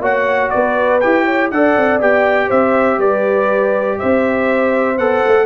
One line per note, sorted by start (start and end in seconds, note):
0.00 0.50 A#3
0.00 1.01 F#4
0.00 0.51 C#5
0.00 0.50 F#5
0.50 1.04 B3
0.50 1.25 B4
0.50 0.99 D5
1.00 1.51 E4
1.00 1.52 G4
1.00 1.50 G5
1.25 1.50 C#5
1.50 1.76 D4
1.50 2.00 A4
1.50 2.47 D5
1.50 2.00 F#5
1.76 2.00 C4
2.00 2.50 B3
2.00 4.98 G4
2.00 2.50 G5
2.47 2.98 C4
2.47 2.97 C5
2.47 3.00 E5
2.98 3.97 G3
2.98 3.98 B4
2.98 3.98 D5
3.98 4.98 C4
3.98 5.45 C5
3.98 4.98 E5
4.98 5.22 B3
4.98 5.45 A4
4.98 5.45 F#5
5.26 5.45 A3